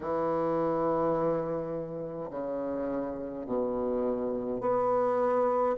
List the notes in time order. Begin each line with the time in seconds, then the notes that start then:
0.00 E3
2.30 C#3
3.46 B2
4.60 B3